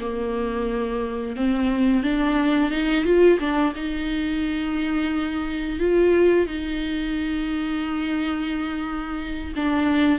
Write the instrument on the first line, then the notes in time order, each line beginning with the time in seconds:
viola
0.00 A#3
1.36 C4
2.03 D4
2.70 D#4
3.04 F4
3.39 D4
3.75 D#4
5.79 F4
6.46 D#4
9.55 D4